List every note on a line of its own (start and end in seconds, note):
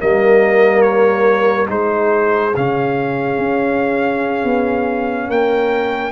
0.00 1.69 G3
0.00 1.67 A#3
0.00 1.69 A#4
0.00 0.82 D#5
0.82 1.66 C#5
1.67 2.54 G#3
1.67 2.52 D#4
1.67 5.29 G#4
1.67 2.55 C5
2.56 3.38 C#3
2.56 6.12 C#4
2.56 5.31 F5
3.38 4.44 C#4
4.44 5.28 B3
5.28 6.12 A#3
5.28 6.12 A#4
5.28 6.12 G5